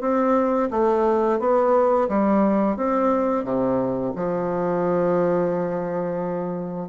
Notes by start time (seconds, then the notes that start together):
0.00 C4
0.70 A3
1.39 B3
2.08 G3
2.76 C4
3.44 C3
4.15 F3